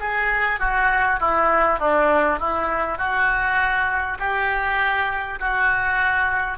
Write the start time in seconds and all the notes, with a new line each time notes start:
0.00 G#4
0.59 F#4
1.20 E4
1.79 D4
2.39 E4
2.98 F#4
4.19 G4
5.39 F#4